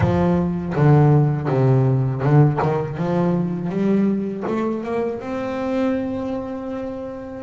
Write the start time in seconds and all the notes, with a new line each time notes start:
0.00 F3
0.75 D3
1.48 C3
2.22 D3
2.62 D#3
2.97 F3
3.69 G3
4.46 A3
4.84 A#3
5.20 C4